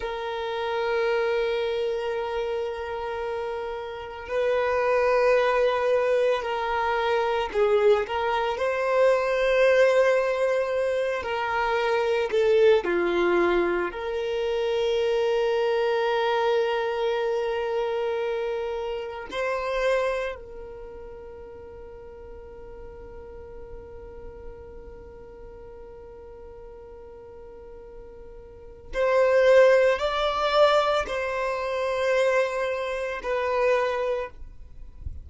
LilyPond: \new Staff \with { instrumentName = "violin" } { \time 4/4 \tempo 4 = 56 ais'1 | b'2 ais'4 gis'8 ais'8 | c''2~ c''8 ais'4 a'8 | f'4 ais'2.~ |
ais'2 c''4 ais'4~ | ais'1~ | ais'2. c''4 | d''4 c''2 b'4 | }